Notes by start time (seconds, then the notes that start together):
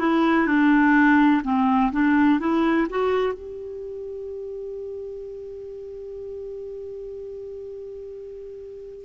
0.00 E4
0.47 D4
1.44 C4
1.92 D4
2.40 E4
2.90 F#4
3.34 G4